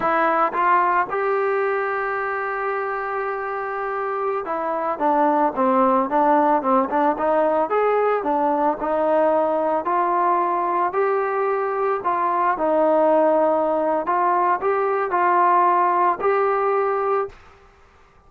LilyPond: \new Staff \with { instrumentName = "trombone" } { \time 4/4 \tempo 4 = 111 e'4 f'4 g'2~ | g'1~ | g'16 e'4 d'4 c'4 d'8.~ | d'16 c'8 d'8 dis'4 gis'4 d'8.~ |
d'16 dis'2 f'4.~ f'16~ | f'16 g'2 f'4 dis'8.~ | dis'2 f'4 g'4 | f'2 g'2 | }